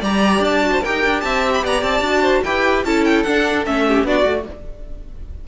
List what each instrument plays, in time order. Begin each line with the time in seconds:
0.00 cello G3, viola G4, violin D5 A#5
0.40 cello D4, violin A5
0.62 viola F#4
0.72 violin C5
0.81 cello D#4, viola G4, violin A#4 G5
1.04 cello D4
1.21 cello C4, violin E5 A5
1.54 violin B5
1.64 cello B3, violin D5 A#5
1.82 cello C4, violin A5
2.00 cello D4, viola F#4
2.22 violin C5
2.44 cello E4, viola G4, violin B4 G5
2.85 cello C#4, viola E4, violin A4 A5
3.05 violin G5
3.23 cello D4, viola D4, violin F#5
3.66 cello A3, viola C#4, violin E5
3.88 violin G4
4.04 cello B3, viola D4, violin F#4 D5
4.24 cello A3, viola F#4